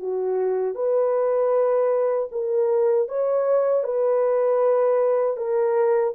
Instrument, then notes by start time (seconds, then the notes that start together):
horn
0.00 F#4
0.76 B4
2.32 A#4
3.09 C#5
3.84 B4
5.37 A#4